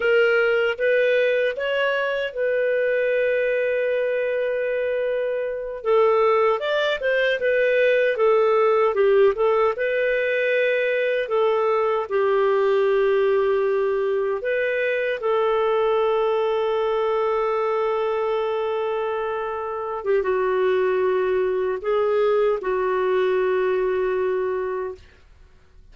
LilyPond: \new Staff \with { instrumentName = "clarinet" } { \time 4/4 \tempo 4 = 77 ais'4 b'4 cis''4 b'4~ | b'2.~ b'8 a'8~ | a'8 d''8 c''8 b'4 a'4 g'8 | a'8 b'2 a'4 g'8~ |
g'2~ g'8 b'4 a'8~ | a'1~ | a'4.~ a'16 g'16 fis'2 | gis'4 fis'2. | }